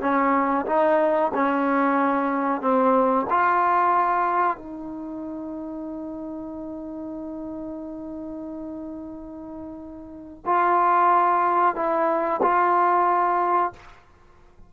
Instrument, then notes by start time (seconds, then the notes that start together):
trombone
0.00 C#4
0.66 D#4
1.34 C#4
2.61 C4
3.30 F4
4.57 D#4
10.45 F4
11.75 E4
12.42 F4